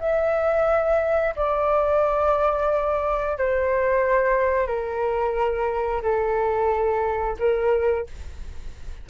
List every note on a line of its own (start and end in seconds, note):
0.00 1.35 E5
1.36 3.38 D5
3.38 4.67 C5
4.67 6.02 A#4
6.02 7.37 A4
7.39 8.07 A#4